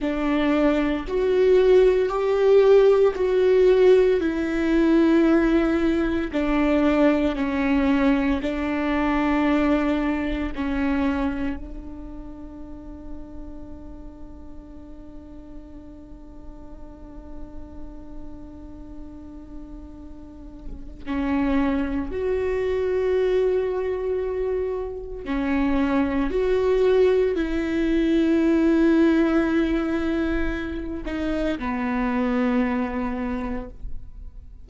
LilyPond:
\new Staff \with { instrumentName = "viola" } { \time 4/4 \tempo 4 = 57 d'4 fis'4 g'4 fis'4 | e'2 d'4 cis'4 | d'2 cis'4 d'4~ | d'1~ |
d'1 | cis'4 fis'2. | cis'4 fis'4 e'2~ | e'4. dis'8 b2 | }